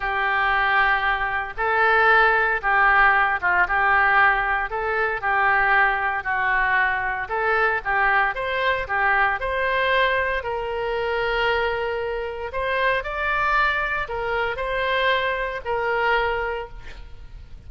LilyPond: \new Staff \with { instrumentName = "oboe" } { \time 4/4 \tempo 4 = 115 g'2. a'4~ | a'4 g'4. f'8 g'4~ | g'4 a'4 g'2 | fis'2 a'4 g'4 |
c''4 g'4 c''2 | ais'1 | c''4 d''2 ais'4 | c''2 ais'2 | }